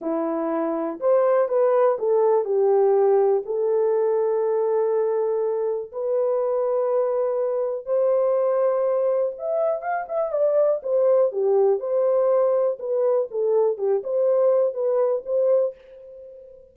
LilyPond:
\new Staff \with { instrumentName = "horn" } { \time 4/4 \tempo 4 = 122 e'2 c''4 b'4 | a'4 g'2 a'4~ | a'1 | b'1 |
c''2. e''4 | f''8 e''8 d''4 c''4 g'4 | c''2 b'4 a'4 | g'8 c''4. b'4 c''4 | }